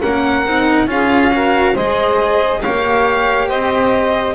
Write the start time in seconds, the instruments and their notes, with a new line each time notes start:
0.00 double bass A#3, cello C#4, saxophone A#4, violin F#5
0.46 double bass C4, cello D#4
0.86 double bass C#4, cello F4, saxophone G#4, violin F5
1.33 cello F#4, saxophone A#4
1.73 double bass G#3, cello G#4, saxophone C5, violin D#5
2.61 double bass A#3, cello G4, saxophone C#5, violin F5
3.47 double bass C4, saxophone C5, violin D#5